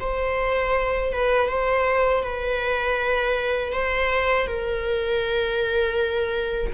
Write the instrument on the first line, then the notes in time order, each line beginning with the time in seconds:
viola
0.00 C5
1.13 B4
1.48 C5
2.23 B4
3.72 C5
4.47 A#4